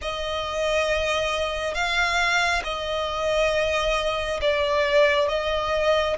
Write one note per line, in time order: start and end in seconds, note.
0.01 1.74 D#5
1.74 2.62 F5
2.64 4.40 D#5
4.41 5.28 D5
5.28 6.16 D#5